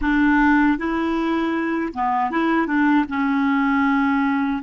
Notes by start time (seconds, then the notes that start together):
0.01 D4
0.77 E4
1.93 B3
2.30 E4
2.66 D4
3.08 C#4